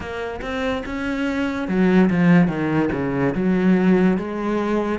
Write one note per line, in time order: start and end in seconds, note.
0.00 0.40 A#3
0.41 0.83 C4
0.85 1.67 C#4
1.67 2.09 F#3
2.09 2.47 F3
2.47 2.89 D#3
2.92 3.34 C#3
3.34 4.17 F#3
4.17 4.99 G#3